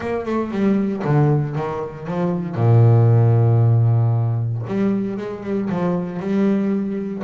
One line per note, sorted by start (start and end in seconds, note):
0.00 0.25 A#3
0.25 0.51 A3
0.51 1.02 G3
1.04 1.55 D3
1.55 2.07 D#3
2.07 2.55 F3
2.55 4.62 A#2
4.67 5.17 G3
5.17 5.43 G#3
5.43 5.69 G3
5.69 6.19 F3
6.19 7.22 G3